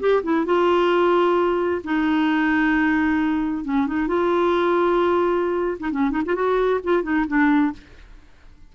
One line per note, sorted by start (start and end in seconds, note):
0.00 0.23 G4
0.23 0.46 E4
0.46 1.82 F4
1.84 3.64 D#4
3.64 3.87 C#4
3.87 4.07 D#4
4.07 5.78 F4
5.80 5.91 D#4
5.91 6.11 C#4
6.11 6.22 D#4
6.25 6.35 F4
6.35 6.80 F#4
6.84 7.03 F4
7.03 7.26 D#4
7.27 7.73 D4